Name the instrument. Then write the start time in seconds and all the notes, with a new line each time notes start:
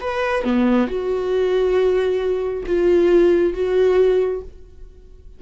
viola
0.00 B4
0.44 B3
0.87 F#4
2.66 F4
3.53 F#4